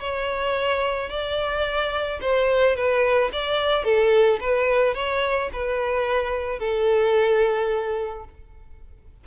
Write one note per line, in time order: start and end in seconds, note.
0.00 1.10 C#5
1.10 2.20 D5
2.21 2.76 C5
2.76 3.31 B4
3.33 3.84 D5
3.84 4.39 A4
4.40 4.95 B4
4.95 5.50 C#5
5.53 6.59 B4
6.59 8.24 A4